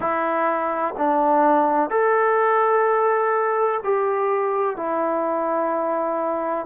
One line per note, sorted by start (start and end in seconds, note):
0.00 0.94 E4
0.97 1.90 D4
1.90 3.80 A4
3.84 4.76 G4
4.76 6.66 E4